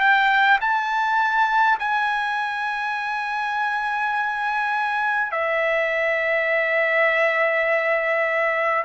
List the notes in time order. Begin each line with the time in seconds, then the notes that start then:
0.00 G5
0.61 A5
1.80 G#5
5.32 E5